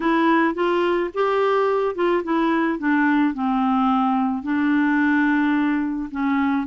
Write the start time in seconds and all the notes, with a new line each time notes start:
0.00 E4
0.54 F4
1.14 G4
1.95 F4
2.23 E4
2.79 D4
3.33 C4
4.42 D4
6.11 C#4